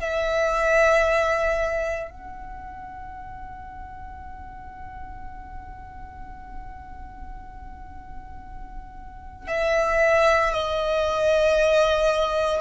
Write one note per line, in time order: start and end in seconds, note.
0.00 2.11 E5
2.11 9.47 F#5
9.48 10.53 E5
10.53 12.61 D#5